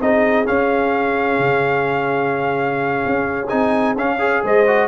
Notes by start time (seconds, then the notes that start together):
0.00 C4 D#4 G#4 D#5
0.45 C#4 F5
1.38 C#3
3.06 C#4
3.48 C4 D#4 G#5
3.95 C#4 F5
4.18 G#4 C#5
4.43 G#3 C5 D#5
4.67 F#4